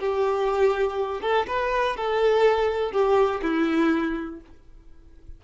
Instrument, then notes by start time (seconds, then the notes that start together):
violin
0.00 G4
1.22 A4
1.48 B4
1.97 A4
2.92 G4
3.42 E4